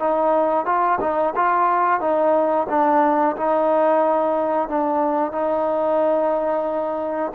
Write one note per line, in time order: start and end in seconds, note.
0.00 0.66 D#4
0.66 0.99 F4
1.01 1.34 D#4
1.36 2.01 F4
2.01 2.67 D#4
2.70 3.36 D4
3.37 4.69 D#4
4.69 5.32 D4
5.32 7.32 D#4